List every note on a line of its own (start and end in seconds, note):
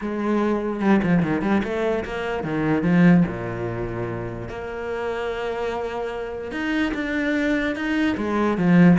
0.01 0.80 G#3
0.80 1.00 G3
1.03 1.22 F3
1.22 1.41 D#3
1.41 1.62 G3
1.63 2.04 A3
2.05 2.43 A#3
2.43 2.83 D#3
2.83 3.23 F3
3.27 4.48 A#2
4.48 6.51 A#3
6.51 6.92 D#4
6.94 7.75 D4
7.75 8.16 D#4
8.17 8.57 G#3
8.57 8.98 F3